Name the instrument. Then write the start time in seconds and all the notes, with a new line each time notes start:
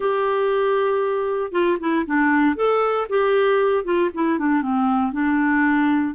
clarinet
0.00 G4
1.52 F4
1.79 E4
2.06 D4
2.55 A4
3.09 G4
3.84 F4
4.14 E4
4.38 D4
4.62 C4
5.12 D4